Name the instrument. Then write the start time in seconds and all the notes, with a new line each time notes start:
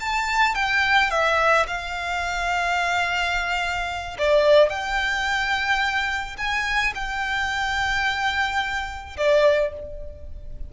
violin
0.00 A5
0.55 G5
1.10 E5
1.67 F5
4.18 D5
4.70 G5
6.38 G#5
6.95 G5
9.17 D5